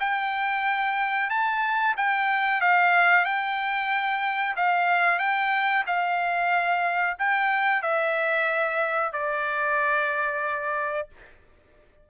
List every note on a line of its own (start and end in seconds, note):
0.00 1.30 G5
1.30 1.96 A5
1.97 2.61 G5
2.61 3.25 F5
3.25 4.56 G5
4.57 5.19 F5
5.19 5.85 G5
5.87 7.17 F5
7.19 7.83 G5
7.83 9.13 E5
9.13 11.08 D5